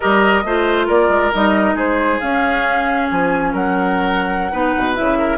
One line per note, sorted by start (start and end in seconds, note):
0.00 0.44 G3
0.00 0.45 G4
0.00 0.43 A#4
0.00 0.86 D#5
0.44 0.88 A3
0.44 1.33 F4
0.44 0.86 C5
0.86 1.08 A#3
0.86 1.75 A#4
0.86 1.32 D5
1.08 1.31 G#3
1.33 1.74 G3
1.33 2.21 D#4
1.33 1.77 D#5
1.74 2.18 G#3
1.74 3.51 G#4
1.74 2.20 C5
2.20 4.52 C#4
2.20 3.11 C#4
2.20 3.08 F5
3.09 3.53 F3
3.09 3.53 G#5
3.53 4.52 F#3
3.53 4.51 A#4
3.53 4.95 F#5
4.51 4.74 B3
4.51 4.94 D#4
4.51 5.18 B4
4.77 4.99 B2
4.94 5.38 C#3
4.94 5.38 E4
4.94 5.38 E5
5.18 5.38 A#4